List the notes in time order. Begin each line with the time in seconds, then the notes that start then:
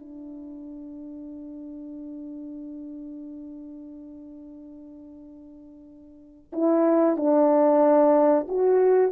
0.00 D4
6.53 E4
7.17 D4
8.49 F#4